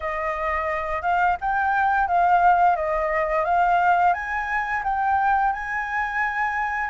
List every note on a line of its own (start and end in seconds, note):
0.00 1.02 D#5
1.02 1.36 F5
1.40 2.07 G5
2.07 2.76 F5
2.76 3.45 D#5
3.45 4.13 F5
4.13 4.82 G#5
4.83 5.52 G5
5.52 6.90 G#5